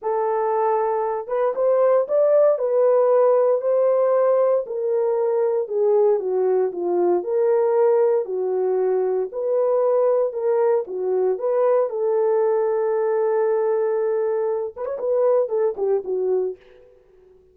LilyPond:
\new Staff \with { instrumentName = "horn" } { \time 4/4 \tempo 4 = 116 a'2~ a'8 b'8 c''4 | d''4 b'2 c''4~ | c''4 ais'2 gis'4 | fis'4 f'4 ais'2 |
fis'2 b'2 | ais'4 fis'4 b'4 a'4~ | a'1~ | a'8 b'16 cis''16 b'4 a'8 g'8 fis'4 | }